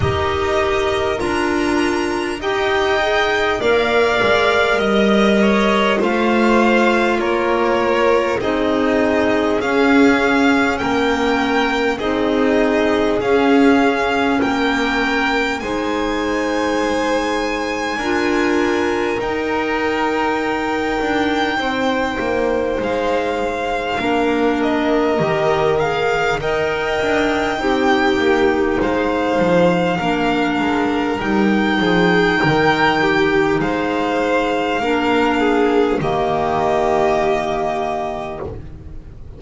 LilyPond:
<<
  \new Staff \with { instrumentName = "violin" } { \time 4/4 \tempo 4 = 50 dis''4 ais''4 g''4 f''4 | dis''4 f''4 cis''4 dis''4 | f''4 g''4 dis''4 f''4 | g''4 gis''2. |
g''2. f''4~ | f''8 dis''4 f''8 g''2 | f''2 g''2 | f''2 dis''2 | }
  \new Staff \with { instrumentName = "violin" } { \time 4/4 ais'2 dis''4 d''4 | dis''8 cis''8 c''4 ais'4 gis'4~ | gis'4 ais'4 gis'2 | ais'4 c''2 ais'4~ |
ais'2 c''2 | ais'2 dis''4 g'4 | c''4 ais'4. gis'8 ais'8 g'8 | c''4 ais'8 gis'8 g'2 | }
  \new Staff \with { instrumentName = "clarinet" } { \time 4/4 g'4 f'4 g'8 gis'8 ais'4~ | ais'4 f'2 dis'4 | cis'2 dis'4 cis'4~ | cis'4 dis'2 f'4 |
dis'1 | d'4 g'8 gis'8 ais'4 dis'4~ | dis'4 d'4 dis'2~ | dis'4 d'4 ais2 | }
  \new Staff \with { instrumentName = "double bass" } { \time 4/4 dis'4 d'4 dis'4 ais8 gis8 | g4 a4 ais4 c'4 | cis'4 ais4 c'4 cis'4 | ais4 gis2 d'4 |
dis'4. d'8 c'8 ais8 gis4 | ais4 dis4 dis'8 d'8 c'8 ais8 | gis8 f8 ais8 gis8 g8 f8 dis4 | gis4 ais4 dis2 | }
>>